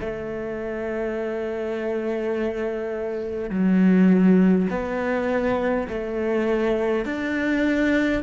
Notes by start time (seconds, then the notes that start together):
0.00 A3
3.50 F#3
4.70 B3
5.88 A3
7.05 D4